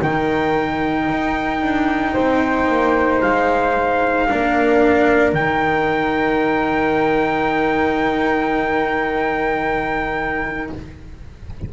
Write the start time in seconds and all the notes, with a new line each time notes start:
0.00 D#3 D#4 A#4 G5
1.09 D#4
1.62 D4
2.13 C4 C5
2.67 A#3
3.21 G#3 F5
4.29 A#3 D4 A#4
5.33 D#3 D#4 G5